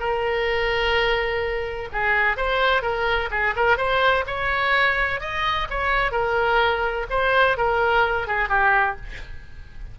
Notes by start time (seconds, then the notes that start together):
0.00 A#4
1.93 G#4
2.37 C5
2.82 A#4
3.31 G#4
3.56 A#4
3.77 C5
4.27 C#5
5.21 D#5
5.70 C#5
6.12 A#4
7.10 C5
7.58 A#4
8.28 G#4
8.49 G4